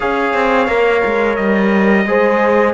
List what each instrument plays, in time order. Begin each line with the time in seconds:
0.00 cello C#4, trombone G#4, horn C#5, trumpet F5
0.33 cello C4
0.67 cello A#3, trombone A#4
1.05 cello G#3
1.35 cello G3, trumpet D#5
2.05 cello G#3, trombone G#4, horn C5